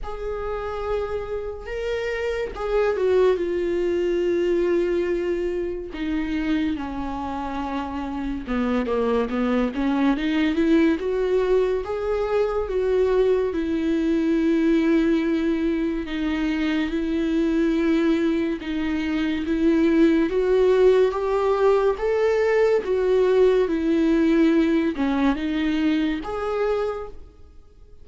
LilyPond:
\new Staff \with { instrumentName = "viola" } { \time 4/4 \tempo 4 = 71 gis'2 ais'4 gis'8 fis'8 | f'2. dis'4 | cis'2 b8 ais8 b8 cis'8 | dis'8 e'8 fis'4 gis'4 fis'4 |
e'2. dis'4 | e'2 dis'4 e'4 | fis'4 g'4 a'4 fis'4 | e'4. cis'8 dis'4 gis'4 | }